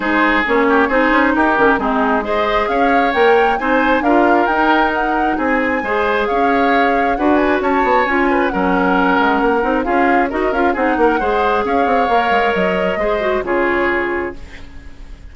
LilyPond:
<<
  \new Staff \with { instrumentName = "flute" } { \time 4/4 \tempo 4 = 134 c''4 cis''4 c''4 ais'4 | gis'4 dis''4 f''4 g''4 | gis''4 f''4 g''4 fis''4 | gis''2 f''2 |
fis''8 gis''8 a''4 gis''4 fis''4~ | fis''2 f''4 dis''8 f''8 | fis''2 f''2 | dis''2 cis''2 | }
  \new Staff \with { instrumentName = "oboe" } { \time 4/4 gis'4. g'8 gis'4 g'4 | dis'4 c''4 cis''2 | c''4 ais'2. | gis'4 c''4 cis''2 |
b'4 cis''4. b'8 ais'4~ | ais'2 gis'4 ais'4 | gis'8 ais'8 c''4 cis''2~ | cis''4 c''4 gis'2 | }
  \new Staff \with { instrumentName = "clarinet" } { \time 4/4 dis'4 cis'4 dis'4. cis'8 | c'4 gis'2 ais'4 | dis'4 f'4 dis'2~ | dis'4 gis'2. |
fis'2 f'4 cis'4~ | cis'4. dis'8 f'4 fis'8 f'8 | dis'4 gis'2 ais'4~ | ais'4 gis'8 fis'8 f'2 | }
  \new Staff \with { instrumentName = "bassoon" } { \time 4/4 gis4 ais4 c'8 cis'8 dis'8 dis8 | gis2 cis'4 ais4 | c'4 d'4 dis'2 | c'4 gis4 cis'2 |
d'4 cis'8 b8 cis'4 fis4~ | fis8 gis8 ais8 c'8 cis'4 dis'8 cis'8 | c'8 ais8 gis4 cis'8 c'8 ais8 gis8 | fis4 gis4 cis2 | }
>>